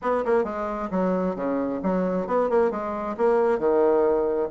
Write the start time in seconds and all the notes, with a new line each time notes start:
0.01 B3
0.25 A#3
0.44 G#3
0.90 F#3
1.35 C#3
1.82 F#3
2.27 B3
2.49 A#3
2.70 G#3
3.17 A#3
3.59 D#3